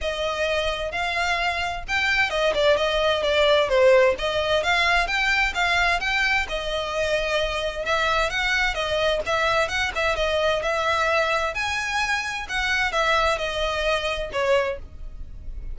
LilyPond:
\new Staff \with { instrumentName = "violin" } { \time 4/4 \tempo 4 = 130 dis''2 f''2 | g''4 dis''8 d''8 dis''4 d''4 | c''4 dis''4 f''4 g''4 | f''4 g''4 dis''2~ |
dis''4 e''4 fis''4 dis''4 | e''4 fis''8 e''8 dis''4 e''4~ | e''4 gis''2 fis''4 | e''4 dis''2 cis''4 | }